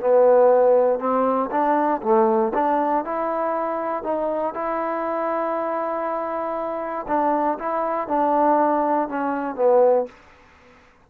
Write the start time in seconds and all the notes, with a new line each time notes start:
0.00 B3
0.99 C4
1.51 D4
2.02 A3
2.54 D4
3.04 E4
4.03 D#4
4.54 E4
7.07 D4
7.59 E4
8.08 D4
9.08 C#4
9.55 B3